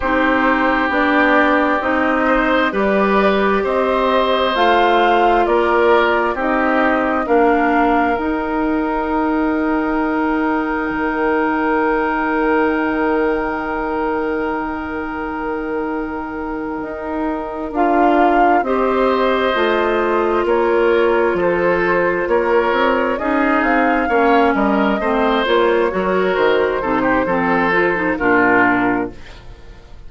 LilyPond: <<
  \new Staff \with { instrumentName = "flute" } { \time 4/4 \tempo 4 = 66 c''4 d''4 dis''4 d''4 | dis''4 f''4 d''4 dis''4 | f''4 g''2.~ | g''1~ |
g''2.~ g''8 f''8~ | f''8 dis''2 cis''4 c''8~ | c''8 cis''4 dis''8 f''4 dis''4 | cis''4 c''2 ais'4 | }
  \new Staff \with { instrumentName = "oboe" } { \time 4/4 g'2~ g'8 c''8 b'4 | c''2 ais'4 g'4 | ais'1~ | ais'1~ |
ais'1~ | ais'8 c''2 ais'4 a'8~ | a'8 ais'4 gis'4 cis''8 ais'8 c''8~ | c''8 ais'4 a'16 g'16 a'4 f'4 | }
  \new Staff \with { instrumentName = "clarinet" } { \time 4/4 dis'4 d'4 dis'4 g'4~ | g'4 f'2 dis'4 | d'4 dis'2.~ | dis'1~ |
dis'2.~ dis'8 f'8~ | f'8 g'4 f'2~ f'8~ | f'4. dis'4 cis'4 c'8 | f'8 fis'4 dis'8 c'8 f'16 dis'16 d'4 | }
  \new Staff \with { instrumentName = "bassoon" } { \time 4/4 c'4 b4 c'4 g4 | c'4 a4 ais4 c'4 | ais4 dis'2. | dis1~ |
dis2~ dis8 dis'4 d'8~ | d'8 c'4 a4 ais4 f8~ | f8 ais8 c'8 cis'8 c'8 ais8 g8 a8 | ais8 fis8 dis8 c8 f4 ais,4 | }
>>